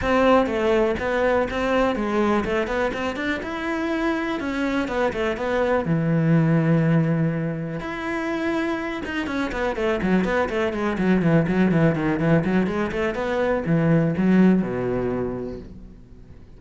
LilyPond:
\new Staff \with { instrumentName = "cello" } { \time 4/4 \tempo 4 = 123 c'4 a4 b4 c'4 | gis4 a8 b8 c'8 d'8 e'4~ | e'4 cis'4 b8 a8 b4 | e1 |
e'2~ e'8 dis'8 cis'8 b8 | a8 fis8 b8 a8 gis8 fis8 e8 fis8 | e8 dis8 e8 fis8 gis8 a8 b4 | e4 fis4 b,2 | }